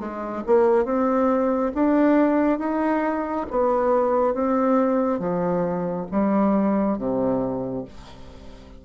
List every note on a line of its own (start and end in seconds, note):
0.00 0.43 G#3
0.47 0.85 A#3
0.85 1.72 C4
1.75 2.59 D4
2.59 3.46 D#4
3.51 4.34 B3
4.34 5.20 C4
5.20 6.07 F3
6.11 6.98 G3
6.98 7.85 C3